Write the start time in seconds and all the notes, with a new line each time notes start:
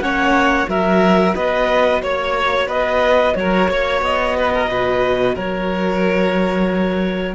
0.00 A#3 C#4 C#5 F#5
0.65 F#3 F#4 A#4 E5
1.35 B3 B4 D#5
2.02 A#3 C#5
2.67 B3 B4 D#5
3.35 F#3 A#4 C#5
3.69 A#3 C#5
4.01 B3 D#5
4.36 B4
4.53 A#4
4.69 B2 B4
5.35 F#3 A#4 C#5